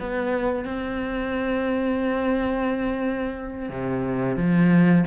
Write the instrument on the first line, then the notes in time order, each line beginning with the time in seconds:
cello
0.00 B3
0.65 C4
3.69 C3
4.37 F3